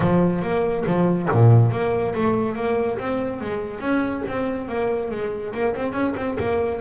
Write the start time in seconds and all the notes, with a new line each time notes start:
0.00 F3
0.42 A#3
0.86 F3
1.31 A#2
1.71 A#3
2.14 A3
2.55 A#3
2.98 C4
3.40 G#3
3.80 C#4
4.28 C4
4.68 A#3
5.10 G#3
5.53 A#3
5.75 C4
5.92 C#4
6.16 C4
6.39 A#3